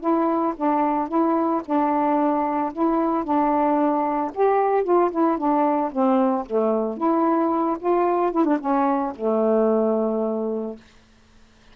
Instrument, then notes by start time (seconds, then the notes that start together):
saxophone
0.00 E4
0.56 D4
1.08 E4
1.65 D4
2.73 E4
3.24 D4
4.34 G4
4.84 F4
5.11 E4
5.38 D4
5.92 C4
6.46 A3
6.97 E4
7.79 F4
8.32 E4
8.45 D4
8.60 C#4
9.15 A3